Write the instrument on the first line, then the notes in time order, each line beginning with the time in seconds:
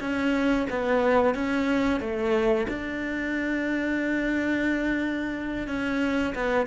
cello
0.00 C#4
0.69 B3
1.34 C#4
2.00 A3
2.68 D4
5.67 C#4
6.35 B3